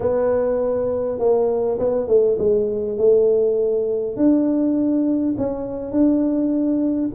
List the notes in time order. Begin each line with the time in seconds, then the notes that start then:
0.00 B3
1.19 A#3
1.78 B3
2.07 A3
2.38 G#3
2.97 A3
4.16 D4
5.37 C#4
5.91 D4